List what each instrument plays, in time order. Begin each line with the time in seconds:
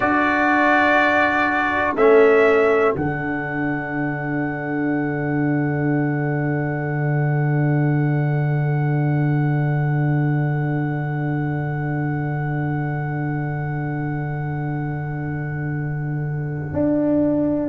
0.00 tuba D4, trombone F#4, horn A4, trumpet D5
1.94 tuba A3, trombone C#4, trumpet E5
2.95 tuba D3, trombone D4, trumpet F#5
16.72 tuba D4